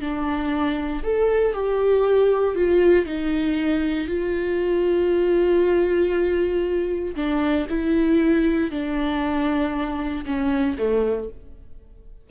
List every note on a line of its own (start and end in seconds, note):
0.00 1.03 D4
1.03 1.53 A4
1.53 2.55 G4
2.55 3.05 F4
3.05 4.07 D#4
4.07 7.15 F4
7.15 7.66 D4
7.69 8.70 E4
8.70 10.24 D4
10.25 10.76 C#4
10.77 11.29 A3